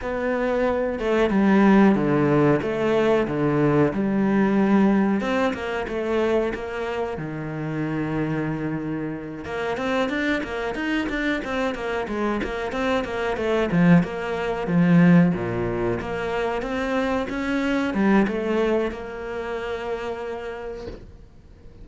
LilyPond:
\new Staff \with { instrumentName = "cello" } { \time 4/4 \tempo 4 = 92 b4. a8 g4 d4 | a4 d4 g2 | c'8 ais8 a4 ais4 dis4~ | dis2~ dis8 ais8 c'8 d'8 |
ais8 dis'8 d'8 c'8 ais8 gis8 ais8 c'8 | ais8 a8 f8 ais4 f4 ais,8~ | ais,8 ais4 c'4 cis'4 g8 | a4 ais2. | }